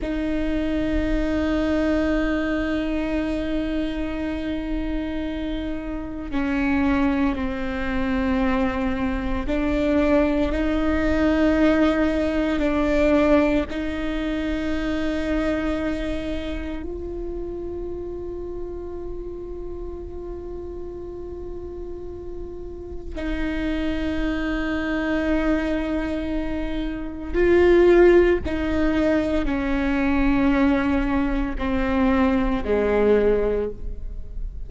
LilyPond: \new Staff \with { instrumentName = "viola" } { \time 4/4 \tempo 4 = 57 dis'1~ | dis'2 cis'4 c'4~ | c'4 d'4 dis'2 | d'4 dis'2. |
f'1~ | f'2 dis'2~ | dis'2 f'4 dis'4 | cis'2 c'4 gis4 | }